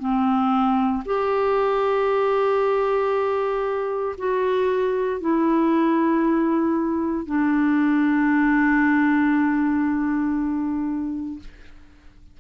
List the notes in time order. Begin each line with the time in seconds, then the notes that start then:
0.00 C4
1.06 G4
4.18 F#4
5.21 E4
7.26 D4